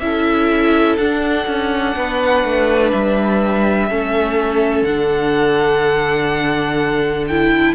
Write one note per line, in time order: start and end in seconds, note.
0.00 0.98 C#4
0.00 0.99 E4
0.00 1.96 A4
0.00 0.97 E5
0.98 1.47 D4
0.98 3.90 D4
0.98 2.92 F#5
1.47 1.95 C#4
1.96 2.44 B3
1.96 3.89 B4
2.44 2.93 A3
2.92 3.91 G3
2.92 4.84 E5
3.89 4.82 A3
3.89 4.86 C#4
3.89 7.75 A4
4.82 7.73 D3
4.82 7.29 D4
4.82 7.26 F#5
7.28 7.75 E4
7.28 7.75 G5